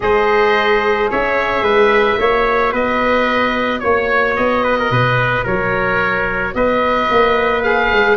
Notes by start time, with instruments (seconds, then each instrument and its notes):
0.00 tuba G#3, saxophone G#4, trumpet C5, oboe D#5
1.10 tuba C#4, trumpet C#5, oboe E5
1.62 tuba G#3, trumpet B4
2.18 tuba A#3, saxophone F#4, trumpet C#5
2.71 tuba B3, trumpet B4, oboe D#5
3.79 tuba A#3, oboe C#5, trumpet C#5
4.36 tuba B3, oboe D#5
4.63 trumpet B4
4.79 trumpet A#4
4.90 tuba B2, trumpet B4
5.43 tuba F#3, trumpet A#4, oboe C#5
6.54 tuba B3, trumpet B4, oboe D#5
7.10 tuba A#3
7.62 saxophone G#4, oboe F5
7.91 tuba G#3